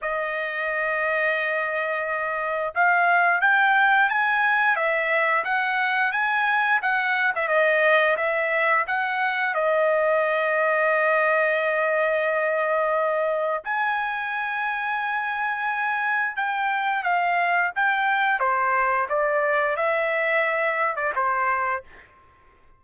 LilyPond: \new Staff \with { instrumentName = "trumpet" } { \time 4/4 \tempo 4 = 88 dis''1 | f''4 g''4 gis''4 e''4 | fis''4 gis''4 fis''8. e''16 dis''4 | e''4 fis''4 dis''2~ |
dis''1 | gis''1 | g''4 f''4 g''4 c''4 | d''4 e''4.~ e''16 d''16 c''4 | }